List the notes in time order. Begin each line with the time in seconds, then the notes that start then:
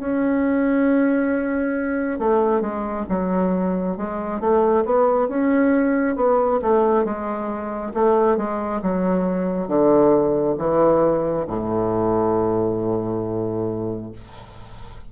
0.00 C#4
2.19 A3
2.61 G#3
3.09 F#3
3.97 G#3
4.41 A3
4.85 B3
5.29 C#4
6.16 B3
6.62 A3
7.05 G#3
7.94 A3
8.37 G#3
8.82 F#3
9.68 D3
10.58 E3
11.47 A2